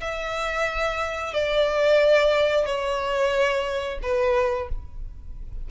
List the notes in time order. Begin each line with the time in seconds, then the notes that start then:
0.00 E5
1.34 D5
2.66 C#5
4.02 B4